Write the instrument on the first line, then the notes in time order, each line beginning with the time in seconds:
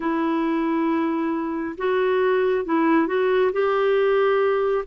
clarinet
0.00 E4
1.77 F#4
2.65 E4
3.07 F#4
3.52 G4